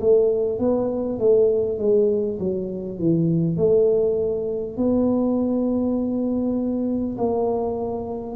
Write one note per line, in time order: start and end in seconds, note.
0.00 0.59 A3
0.59 1.19 B3
1.19 1.78 A3
1.78 2.38 G#3
2.39 2.99 F#3
2.99 3.57 E3
3.57 4.77 A3
4.77 7.17 B3
7.18 8.36 A#3